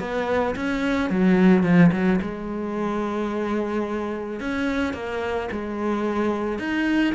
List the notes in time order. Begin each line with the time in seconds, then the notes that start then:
0.00 B3
0.56 C#4
1.11 F#3
1.64 F3
1.92 F#3
2.22 G#3
4.40 C#4
4.94 A#3
5.52 G#3
6.59 D#4